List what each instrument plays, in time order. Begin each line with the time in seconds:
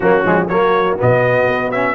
0.00 tuba F#3, trombone A#3, horn C#4, trumpet F#4
0.24 tuba F3, trombone G#3
0.47 tuba F#3, trombone A#3, horn F#4, trumpet C#5
0.98 tuba B2, trombone B3, trumpet D#5
1.47 tuba B3
1.71 trombone C#4, trumpet E5